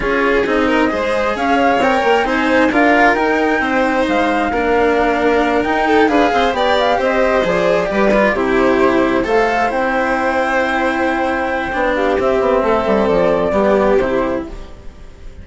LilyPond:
<<
  \new Staff \with { instrumentName = "flute" } { \time 4/4 \tempo 4 = 133 cis''4 dis''2 f''4 | g''4 gis''4 f''4 g''4~ | g''4 f''2.~ | f''8 g''4 f''4 g''8 f''8 dis''8~ |
dis''8 d''2 c''4.~ | c''8 f''4 g''2~ g''8~ | g''2~ g''8 f''8 e''4~ | e''4 d''2 c''4 | }
  \new Staff \with { instrumentName = "violin" } { \time 4/4 gis'4. ais'8 c''4 cis''4~ | cis''4 c''4 ais'2 | c''2 ais'2~ | ais'4 a'8 b'8 c''8 d''4 c''8~ |
c''4. b'4 g'4.~ | g'8 c''2.~ c''8~ | c''2~ c''8 g'4. | a'2 g'2 | }
  \new Staff \with { instrumentName = "cello" } { \time 4/4 f'4 dis'4 gis'2 | ais'4 dis'4 f'4 dis'4~ | dis'2 d'2~ | d'8 dis'4 gis'4 g'4.~ |
g'8 gis'4 g'8 f'8 e'4.~ | e'8 a'4 e'2~ e'8~ | e'2 d'4 c'4~ | c'2 b4 e'4 | }
  \new Staff \with { instrumentName = "bassoon" } { \time 4/4 cis'4 c'4 gis4 cis'4 | c'8 ais8 c'4 d'4 dis'4 | c'4 gis4 ais2~ | ais8 dis'4 d'8 c'8 b4 c'8~ |
c'8 f4 g4 c4.~ | c8 a4 c'2~ c'8~ | c'2 b4 c'8 b8 | a8 g8 f4 g4 c4 | }
>>